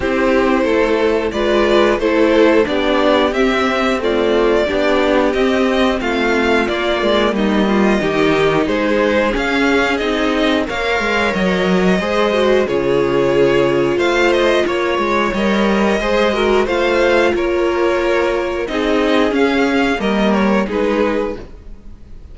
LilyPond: <<
  \new Staff \with { instrumentName = "violin" } { \time 4/4 \tempo 4 = 90 c''2 d''4 c''4 | d''4 e''4 d''2 | dis''4 f''4 d''4 dis''4~ | dis''4 c''4 f''4 dis''4 |
f''4 dis''2 cis''4~ | cis''4 f''8 dis''8 cis''4 dis''4~ | dis''4 f''4 cis''2 | dis''4 f''4 dis''8 cis''8 b'4 | }
  \new Staff \with { instrumentName = "violin" } { \time 4/4 g'4 a'4 b'4 a'4 | g'2 f'4 g'4~ | g'4 f'2 dis'8 f'8 | g'4 gis'2. |
cis''2 c''4 gis'4~ | gis'4 c''4 cis''2 | c''8 ais'8 c''4 ais'2 | gis'2 ais'4 gis'4 | }
  \new Staff \with { instrumentName = "viola" } { \time 4/4 e'2 f'4 e'4 | d'4 c'4 a4 d'4 | c'2 ais2 | dis'2 cis'4 dis'4 |
ais'2 gis'8 fis'8 f'4~ | f'2. ais'4 | gis'8 fis'8 f'2. | dis'4 cis'4 ais4 dis'4 | }
  \new Staff \with { instrumentName = "cello" } { \time 4/4 c'4 a4 gis4 a4 | b4 c'2 b4 | c'4 a4 ais8 gis8 g4 | dis4 gis4 cis'4 c'4 |
ais8 gis8 fis4 gis4 cis4~ | cis4 a4 ais8 gis8 g4 | gis4 a4 ais2 | c'4 cis'4 g4 gis4 | }
>>